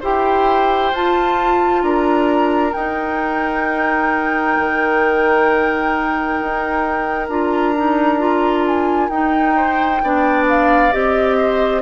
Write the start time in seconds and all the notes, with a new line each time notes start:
0.00 E4 G4 C5 G5
0.92 F4 A5
1.82 D4 A#4 A#5
2.73 D#4 G5
4.58 D#3
6.41 D#4
7.28 D4 F4 A#5
7.75 D#4
8.18 F4
8.66 G#5
9.09 D#4 G5
9.56 C5
10.02 B3 D4 D5
10.48 F5
10.91 C4 G4 D#5
11.37 C5